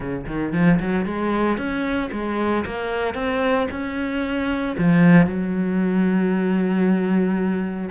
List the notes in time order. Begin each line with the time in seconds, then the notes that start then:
0.00 C#3
0.27 D#3
0.53 F3
0.79 F#3
1.05 G#3
1.57 C#4
2.12 G#3
2.65 A#3
3.14 C4
3.71 C#4
4.78 F3
5.26 F#3